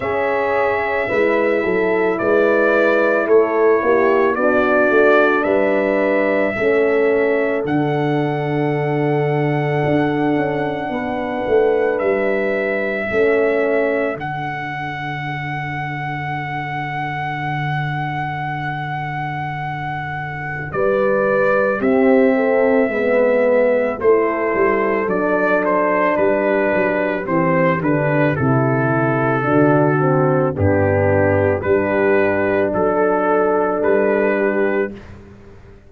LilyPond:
<<
  \new Staff \with { instrumentName = "trumpet" } { \time 4/4 \tempo 4 = 55 e''2 d''4 cis''4 | d''4 e''2 fis''4~ | fis''2. e''4~ | e''4 fis''2.~ |
fis''2. d''4 | e''2 c''4 d''8 c''8 | b'4 c''8 b'8 a'2 | g'4 b'4 a'4 b'4 | }
  \new Staff \with { instrumentName = "horn" } { \time 4/4 cis''4 b'8 a'8 b'4 a'8 g'8 | fis'4 b'4 a'2~ | a'2 b'2 | a'1~ |
a'2. b'4 | g'8 a'8 b'4 a'2 | g'2. fis'4 | d'4 g'4 a'4. g'8 | }
  \new Staff \with { instrumentName = "horn" } { \time 4/4 gis'4 e'2. | d'2 cis'4 d'4~ | d'1 | cis'4 d'2.~ |
d'1 | c'4 b4 e'4 d'4~ | d'4 c'8 d'8 e'4 d'8 c'8 | b4 d'2. | }
  \new Staff \with { instrumentName = "tuba" } { \time 4/4 cis'4 gis8 fis8 gis4 a8 ais8 | b8 a8 g4 a4 d4~ | d4 d'8 cis'8 b8 a8 g4 | a4 d2.~ |
d2. g4 | c'4 gis4 a8 g8 fis4 | g8 fis8 e8 d8 c4 d4 | g,4 g4 fis4 g4 | }
>>